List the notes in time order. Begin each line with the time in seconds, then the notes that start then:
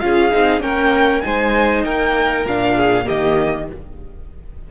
0.00 C#4 F4 G#4 F5
0.31 C4 D#4
0.61 A#3 C#4 A#4 G5
1.21 G#3 D#4 C5 G#5
1.85 A#3 A#4 G5
2.46 A#2 D4 F5
2.76 G#4
3.05 D#3 A#3 G4 D#5